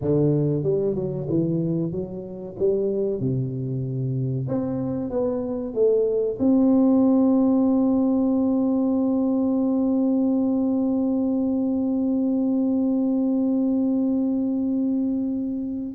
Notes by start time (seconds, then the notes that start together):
0.01 D3
0.63 G3
0.95 F#3
1.29 E3
1.91 F#3
2.59 G3
3.20 C3
4.47 C4
5.09 B3
5.74 A3
6.39 C4